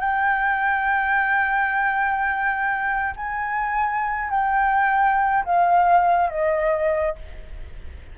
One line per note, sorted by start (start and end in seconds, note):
0.00 3.14 G5
3.16 4.30 G#5
4.30 5.44 G5
5.45 6.30 F5
6.30 7.15 D#5